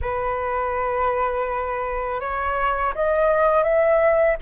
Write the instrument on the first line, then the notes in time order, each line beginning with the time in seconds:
flute
0.01 B4
2.20 C#5
2.94 D#5
3.63 E5